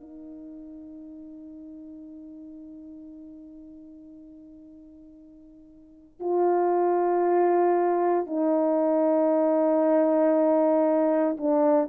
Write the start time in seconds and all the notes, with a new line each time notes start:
0.00 D#4
6.20 F4
8.27 D#4
11.37 D4